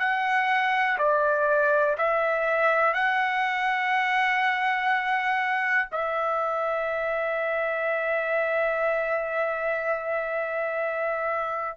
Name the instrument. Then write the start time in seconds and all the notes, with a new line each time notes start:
trumpet
0.00 F#5
0.99 D5
1.98 E5
2.94 F#5
5.92 E5